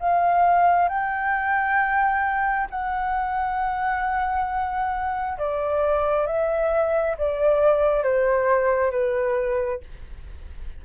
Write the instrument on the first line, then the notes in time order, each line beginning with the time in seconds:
flute
0.00 F5
0.89 G5
2.71 F#5
5.39 D5
6.27 E5
7.18 D5
8.04 C5
8.91 B4